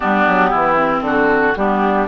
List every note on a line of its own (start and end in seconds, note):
0.00 0.27 G3
0.00 0.76 B3
0.00 0.50 D4
0.00 1.01 G4
0.27 0.53 F#3
0.50 1.01 E3
0.50 1.02 E4
0.76 1.54 C4
1.01 1.53 D3
1.01 1.57 F#4
1.01 1.55 A4
1.55 2.08 G3
1.55 2.08 B3
1.55 2.08 D4
1.55 2.07 G4